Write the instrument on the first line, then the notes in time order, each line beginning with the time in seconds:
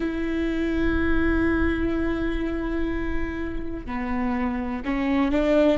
viola
0.00 E4
3.86 B3
4.84 C#4
5.31 D4